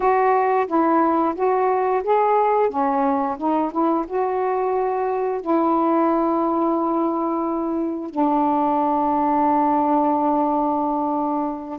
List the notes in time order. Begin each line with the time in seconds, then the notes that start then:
0.00 F#4
0.67 E4
1.35 F#4
2.03 G#4
2.69 C#4
3.37 D#4
3.71 E4
4.07 F#4
5.41 E4
8.10 D4